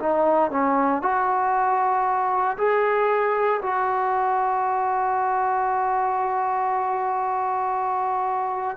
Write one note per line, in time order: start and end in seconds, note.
0.00 0.51 D#4
0.51 1.02 C#4
1.02 2.57 F#4
2.58 3.61 G#4
3.63 8.77 F#4